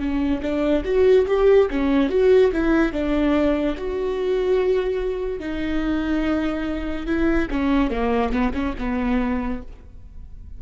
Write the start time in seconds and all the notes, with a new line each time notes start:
0.00 C#4
0.42 D4
0.85 F#4
1.27 G4
1.71 C#4
2.10 F#4
2.53 E4
2.93 D4
3.78 F#4
5.40 D#4
7.07 E4
7.51 C#4
7.91 A#3
8.32 B3
8.54 C#4
8.79 B3